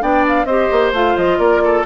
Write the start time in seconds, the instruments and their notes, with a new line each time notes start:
0.00 bassoon B3, clarinet D4, oboe D5, flute G5
0.28 flute F5
0.45 bassoon C4, clarinet G4, oboe C5, flute D#5
0.71 bassoon A#3
0.93 bassoon A3, clarinet F4, flute F5
1.16 bassoon F3, flute D#5
1.38 bassoon A#3, oboe A#4, flute D5
1.64 oboe A4